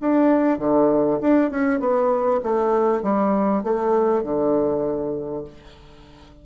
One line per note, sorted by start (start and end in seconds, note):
0.00 0.58 D4
0.58 1.19 D3
1.20 1.50 D4
1.50 1.79 C#4
1.79 2.40 B3
2.42 3.02 A3
3.02 3.63 G3
3.63 4.23 A3
4.23 5.44 D3